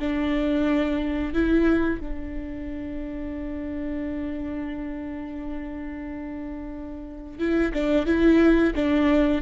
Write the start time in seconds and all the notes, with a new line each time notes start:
0.00 D4
1.34 E4
2.01 D4
7.39 E4
7.74 D4
8.07 E4
8.75 D4